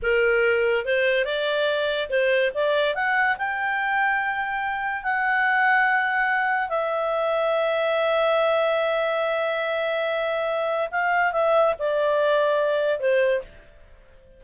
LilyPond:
\new Staff \with { instrumentName = "clarinet" } { \time 4/4 \tempo 4 = 143 ais'2 c''4 d''4~ | d''4 c''4 d''4 fis''4 | g''1 | fis''1 |
e''1~ | e''1~ | e''2 f''4 e''4 | d''2. c''4 | }